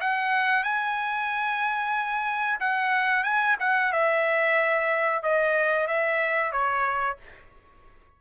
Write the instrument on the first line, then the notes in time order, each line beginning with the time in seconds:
trumpet
0.00 F#5
0.63 G#5
2.60 F#5
3.23 G#5
3.59 F#5
3.92 E5
5.22 D#5
5.87 E5
6.52 C#5